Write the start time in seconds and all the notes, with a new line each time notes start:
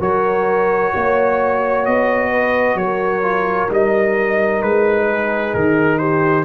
0.00 F#3 F#4 A#4 C#5
0.94 A#3 C#5
1.85 B3 D#5
2.31 B4
2.75 F#3 A#4 C#5
3.22 F4
3.69 G3 D#4 D#5
4.62 G#3 B4
5.08 G#4
5.54 D#3 A#4
5.98 G4 C5